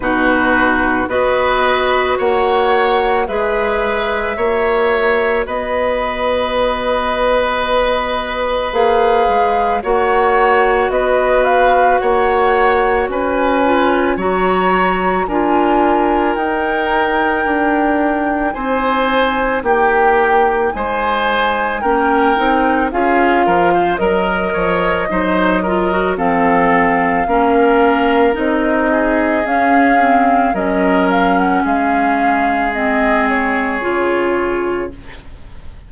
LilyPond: <<
  \new Staff \with { instrumentName = "flute" } { \time 4/4 \tempo 4 = 55 b'4 dis''4 fis''4 e''4~ | e''4 dis''2. | f''4 fis''4 dis''8 f''8 fis''4 | gis''4 ais''4 gis''4 g''4~ |
g''4 gis''4 g''4 gis''4 | g''4 f''4 dis''2 | f''2 dis''4 f''4 | dis''8 f''16 fis''16 f''4 dis''8 cis''4. | }
  \new Staff \with { instrumentName = "oboe" } { \time 4/4 fis'4 b'4 cis''4 b'4 | cis''4 b'2.~ | b'4 cis''4 b'4 cis''4 | b'4 cis''4 ais'2~ |
ais'4 c''4 g'4 c''4 | ais'4 gis'8 ais'16 c''16 ais'8 cis''8 c''8 ais'8 | a'4 ais'4. gis'4. | ais'4 gis'2. | }
  \new Staff \with { instrumentName = "clarinet" } { \time 4/4 dis'4 fis'2 gis'4 | fis'1 | gis'4 fis'2.~ | fis'8 f'8 fis'4 f'4 dis'4~ |
dis'1 | cis'8 dis'8 f'4 ais'4 dis'8 f'16 fis'16 | c'4 cis'4 dis'4 cis'8 c'8 | cis'2 c'4 f'4 | }
  \new Staff \with { instrumentName = "bassoon" } { \time 4/4 b,4 b4 ais4 gis4 | ais4 b2. | ais8 gis8 ais4 b4 ais4 | cis'4 fis4 d'4 dis'4 |
d'4 c'4 ais4 gis4 | ais8 c'8 cis'8 f8 fis8 f8 fis4 | f4 ais4 c'4 cis'4 | fis4 gis2 cis4 | }
>>